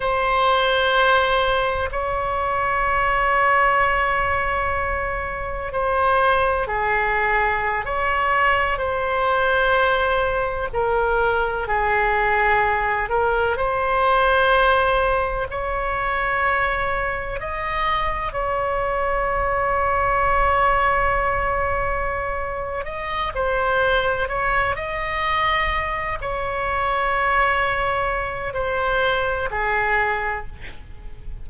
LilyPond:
\new Staff \with { instrumentName = "oboe" } { \time 4/4 \tempo 4 = 63 c''2 cis''2~ | cis''2 c''4 gis'4~ | gis'16 cis''4 c''2 ais'8.~ | ais'16 gis'4. ais'8 c''4.~ c''16~ |
c''16 cis''2 dis''4 cis''8.~ | cis''1 | dis''8 c''4 cis''8 dis''4. cis''8~ | cis''2 c''4 gis'4 | }